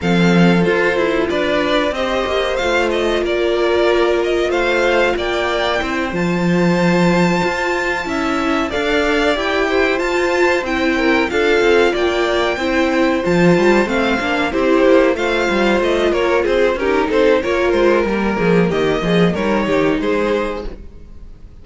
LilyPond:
<<
  \new Staff \with { instrumentName = "violin" } { \time 4/4 \tempo 4 = 93 f''4 c''4 d''4 dis''4 | f''8 dis''8 d''4. dis''8 f''4 | g''4. a''2~ a''8~ | a''4. f''4 g''4 a''8~ |
a''8 g''4 f''4 g''4.~ | g''8 a''4 f''4 c''4 f''8~ | f''8 dis''8 cis''8 c''8 ais'8 c''8 cis''8 c''8 | ais'4 dis''4 cis''4 c''4 | }
  \new Staff \with { instrumentName = "violin" } { \time 4/4 a'2 b'4 c''4~ | c''4 ais'2 c''4 | d''4 c''2.~ | c''8 e''4 d''4. c''4~ |
c''4 ais'8 a'4 d''4 c''8~ | c''2~ c''8 g'4 c''8~ | c''4 ais'8 gis'8 g'8 a'8 ais'4~ | ais'8 gis'8 g'8 gis'8 ais'8 g'8 gis'4 | }
  \new Staff \with { instrumentName = "viola" } { \time 4/4 c'4 f'2 g'4 | f'1~ | f'4 e'8 f'2~ f'8~ | f'8 e'4 a'4 g'4 f'8~ |
f'8 e'4 f'2 e'8~ | e'8 f'4 c'8 d'8 e'4 f'8~ | f'2 dis'4 f'4 | ais2 dis'2 | }
  \new Staff \with { instrumentName = "cello" } { \time 4/4 f4 f'8 e'8 d'4 c'8 ais8 | a4 ais2 a4 | ais4 c'8 f2 f'8~ | f'8 cis'4 d'4 e'4 f'8~ |
f'8 c'4 d'8 c'8 ais4 c'8~ | c'8 f8 g8 a8 ais8 c'8 ais8 a8 | g8 a8 ais8 c'8 cis'8 c'8 ais8 gis8 | g8 f8 dis8 f8 g8 dis8 gis4 | }
>>